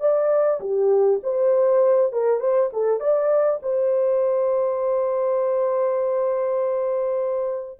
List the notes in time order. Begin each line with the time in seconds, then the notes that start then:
0.00 D5
0.61 G4
1.23 C5
2.12 A#4
2.40 C5
2.73 A4
3.00 D5
3.62 C5